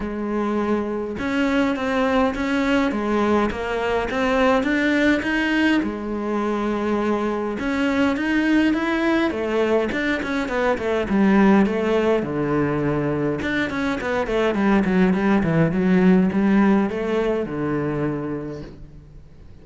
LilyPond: \new Staff \with { instrumentName = "cello" } { \time 4/4 \tempo 4 = 103 gis2 cis'4 c'4 | cis'4 gis4 ais4 c'4 | d'4 dis'4 gis2~ | gis4 cis'4 dis'4 e'4 |
a4 d'8 cis'8 b8 a8 g4 | a4 d2 d'8 cis'8 | b8 a8 g8 fis8 g8 e8 fis4 | g4 a4 d2 | }